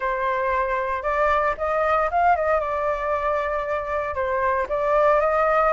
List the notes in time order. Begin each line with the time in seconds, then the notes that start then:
0.00 C5
1.02 D5
1.57 D#5
2.11 F5
2.36 D#5
2.59 D5
4.14 C5
4.69 D5
5.20 D#5